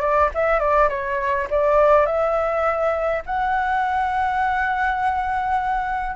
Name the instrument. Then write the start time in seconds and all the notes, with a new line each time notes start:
flute
0.00 D5
0.34 E5
0.59 D5
0.89 C#5
1.50 D5
2.06 E5
3.25 F#5